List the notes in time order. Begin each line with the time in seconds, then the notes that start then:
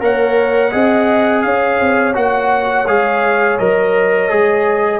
0.00 A#3 A#4 C#5 F#5
0.72 C4 G#4 D#5
1.42 C#4 C#5 F5
1.80 C4
2.14 A#3 F#4 F#5
2.86 G#3 G#4 F5
3.58 F#3 A#4 D#5
4.29 G#3 G#4